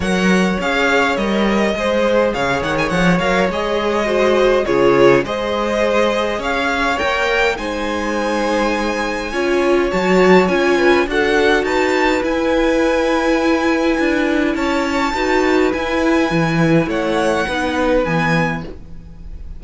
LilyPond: <<
  \new Staff \with { instrumentName = "violin" } { \time 4/4 \tempo 4 = 103 fis''4 f''4 dis''2 | f''8 fis''16 gis''16 fis''8 f''8 dis''2 | cis''4 dis''2 f''4 | g''4 gis''2.~ |
gis''4 a''4 gis''4 fis''4 | a''4 gis''2.~ | gis''4 a''2 gis''4~ | gis''4 fis''2 gis''4 | }
  \new Staff \with { instrumentName = "violin" } { \time 4/4 cis''2. c''4 | cis''2. c''4 | gis'4 c''2 cis''4~ | cis''4 c''2. |
cis''2~ cis''8 b'8 a'4 | b'1~ | b'4 cis''4 b'2~ | b'4 cis''4 b'2 | }
  \new Staff \with { instrumentName = "viola" } { \time 4/4 ais'4 gis'4 ais'4 gis'4~ | gis'4. ais'8 gis'4 fis'4 | f'4 gis'2. | ais'4 dis'2. |
f'4 fis'4 f'4 fis'4~ | fis'4 e'2.~ | e'2 fis'4 e'4~ | e'2 dis'4 b4 | }
  \new Staff \with { instrumentName = "cello" } { \time 4/4 fis4 cis'4 g4 gis4 | cis8 dis8 f8 fis8 gis2 | cis4 gis2 cis'4 | ais4 gis2. |
cis'4 fis4 cis'4 d'4 | dis'4 e'2. | d'4 cis'4 dis'4 e'4 | e4 a4 b4 e4 | }
>>